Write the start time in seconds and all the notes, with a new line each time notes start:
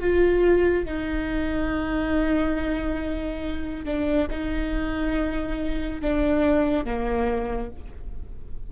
0.00 F4
0.85 D#4
3.85 D4
4.31 D#4
6.02 D4
6.85 A#3